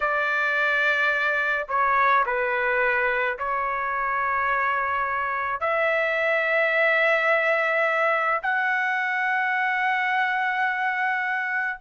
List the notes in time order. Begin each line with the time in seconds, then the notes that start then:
0.00 D5
1.68 C#5
2.26 B4
3.38 C#5
5.60 E5
8.42 F#5